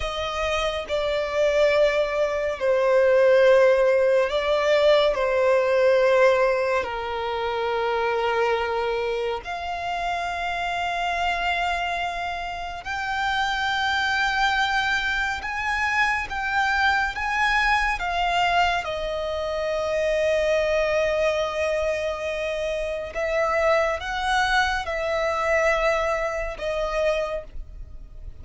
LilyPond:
\new Staff \with { instrumentName = "violin" } { \time 4/4 \tempo 4 = 70 dis''4 d''2 c''4~ | c''4 d''4 c''2 | ais'2. f''4~ | f''2. g''4~ |
g''2 gis''4 g''4 | gis''4 f''4 dis''2~ | dis''2. e''4 | fis''4 e''2 dis''4 | }